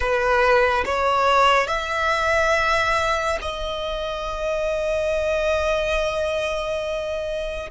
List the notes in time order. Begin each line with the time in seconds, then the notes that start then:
0.00 B4
0.85 C#5
1.67 E5
3.41 D#5